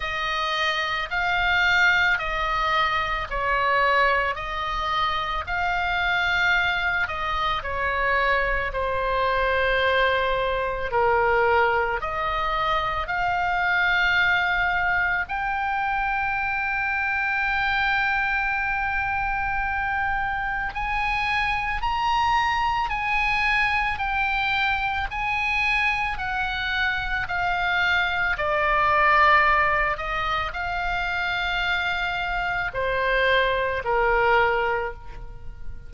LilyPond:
\new Staff \with { instrumentName = "oboe" } { \time 4/4 \tempo 4 = 55 dis''4 f''4 dis''4 cis''4 | dis''4 f''4. dis''8 cis''4 | c''2 ais'4 dis''4 | f''2 g''2~ |
g''2. gis''4 | ais''4 gis''4 g''4 gis''4 | fis''4 f''4 d''4. dis''8 | f''2 c''4 ais'4 | }